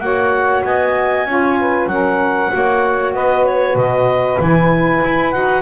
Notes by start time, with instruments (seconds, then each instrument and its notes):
0.00 double bass A#3, saxophone F#4 C#5, clarinet F#5
0.64 double bass B3, saxophone D#5, clarinet G#5
1.26 double bass C#4, saxophone F4 C#5
1.59 saxophone B4
1.86 double bass F#3, saxophone C#4 A#4, clarinet F#5
2.51 double bass A#3, saxophone F#4 C#5
3.14 double bass B3, saxophone B4, clarinet D#5
3.45 clarinet C#5
3.76 double bass B2, clarinet D#5
4.40 double bass E3, saxophone E4, clarinet G#5
5.05 double bass E4
5.32 double bass D#4, saxophone F#4, clarinet F#5